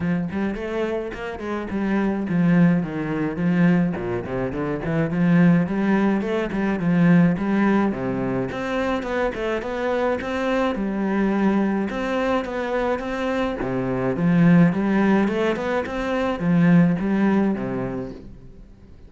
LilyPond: \new Staff \with { instrumentName = "cello" } { \time 4/4 \tempo 4 = 106 f8 g8 a4 ais8 gis8 g4 | f4 dis4 f4 ais,8 c8 | d8 e8 f4 g4 a8 g8 | f4 g4 c4 c'4 |
b8 a8 b4 c'4 g4~ | g4 c'4 b4 c'4 | c4 f4 g4 a8 b8 | c'4 f4 g4 c4 | }